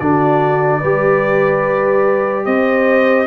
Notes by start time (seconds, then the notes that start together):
0.00 D3 D4 F#4 D5
0.80 G3 G4 B4
2.45 C4 C5 D#5